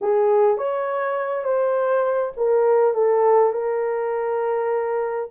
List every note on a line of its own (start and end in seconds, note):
0.01 0.57 G#4
0.57 1.44 C#5
1.44 2.32 C5
2.36 2.94 A#4
2.94 3.52 A4
3.53 5.29 A#4